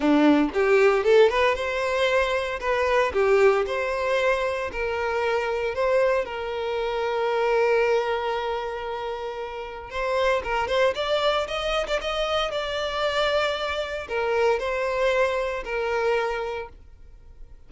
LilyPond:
\new Staff \with { instrumentName = "violin" } { \time 4/4 \tempo 4 = 115 d'4 g'4 a'8 b'8 c''4~ | c''4 b'4 g'4 c''4~ | c''4 ais'2 c''4 | ais'1~ |
ais'2. c''4 | ais'8 c''8 d''4 dis''8. d''16 dis''4 | d''2. ais'4 | c''2 ais'2 | }